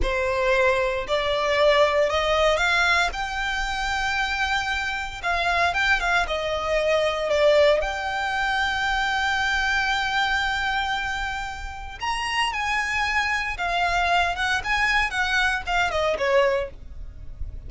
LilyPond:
\new Staff \with { instrumentName = "violin" } { \time 4/4 \tempo 4 = 115 c''2 d''2 | dis''4 f''4 g''2~ | g''2 f''4 g''8 f''8 | dis''2 d''4 g''4~ |
g''1~ | g''2. ais''4 | gis''2 f''4. fis''8 | gis''4 fis''4 f''8 dis''8 cis''4 | }